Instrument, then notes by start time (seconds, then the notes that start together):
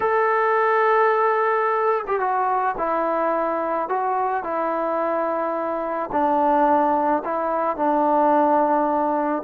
trombone
0.00 A4
2.07 G4
2.19 F#4
2.77 E4
3.88 F#4
4.43 E4
6.11 D4
7.24 E4
7.76 D4